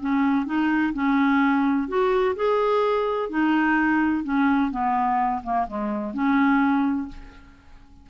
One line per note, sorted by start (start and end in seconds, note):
0.00 0.46 C#4
0.46 0.93 D#4
0.93 1.88 C#4
1.88 2.35 F#4
2.36 3.29 G#4
3.29 4.24 D#4
4.24 4.71 C#4
4.71 5.42 B3
5.43 5.67 A#3
5.68 6.14 G#3
6.14 7.08 C#4